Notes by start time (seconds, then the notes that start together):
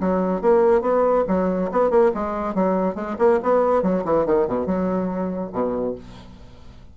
0.00 F#3
0.41 A#3
0.81 B3
1.28 F#3
1.71 B3
1.90 A#3
2.14 G#3
2.54 F#3
2.95 G#3
3.18 A#3
3.43 B3
3.82 F#3
4.04 E3
4.26 D#3
4.47 B2
4.66 F#3
5.52 B2